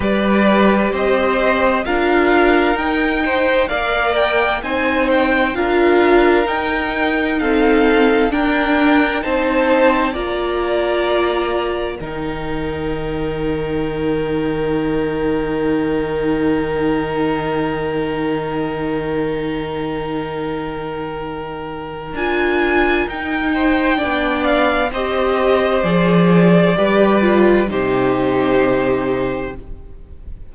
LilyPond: <<
  \new Staff \with { instrumentName = "violin" } { \time 4/4 \tempo 4 = 65 d''4 dis''4 f''4 g''4 | f''8 g''8 gis''8 g''8 f''4 g''4 | f''4 g''4 a''4 ais''4~ | ais''4 g''2.~ |
g''1~ | g''1 | gis''4 g''4. f''8 dis''4 | d''2 c''2 | }
  \new Staff \with { instrumentName = "violin" } { \time 4/4 b'4 c''4 ais'4. c''8 | d''4 c''4 ais'2 | a'4 ais'4 c''4 d''4~ | d''4 ais'2.~ |
ais'1~ | ais'1~ | ais'4. c''8 d''4 c''4~ | c''4 b'4 g'2 | }
  \new Staff \with { instrumentName = "viola" } { \time 4/4 g'2 f'4 dis'4 | ais'4 dis'4 f'4 dis'4 | c'4 d'4 dis'4 f'4~ | f'4 dis'2.~ |
dis'1~ | dis'1 | f'4 dis'4 d'4 g'4 | gis'4 g'8 f'8 dis'2 | }
  \new Staff \with { instrumentName = "cello" } { \time 4/4 g4 c'4 d'4 dis'4 | ais4 c'4 d'4 dis'4~ | dis'4 d'4 c'4 ais4~ | ais4 dis2.~ |
dis1~ | dis1 | d'4 dis'4 b4 c'4 | f4 g4 c2 | }
>>